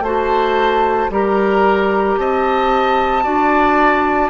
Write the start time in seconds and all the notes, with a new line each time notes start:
0.00 A3 F#4 C5 A5
1.10 G3 G4 A#4 A#5
2.17 C4 D#5 A5
3.23 D4 F#4 D5